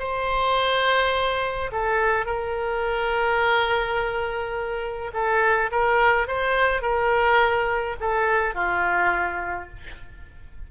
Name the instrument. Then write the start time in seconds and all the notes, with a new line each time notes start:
oboe
0.00 C5
1.72 A4
2.26 A#4
5.14 A4
5.72 A#4
6.28 C5
6.82 A#4
8.01 A4
8.55 F4